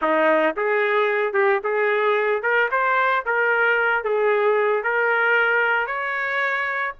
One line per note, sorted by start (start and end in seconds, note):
0.01 0.55 D#4
0.56 1.33 G#4
1.33 1.59 G4
1.63 2.42 G#4
2.42 2.69 A#4
2.71 3.25 C5
3.25 4.04 A#4
4.04 4.83 G#4
4.83 5.86 A#4
5.86 6.94 C#5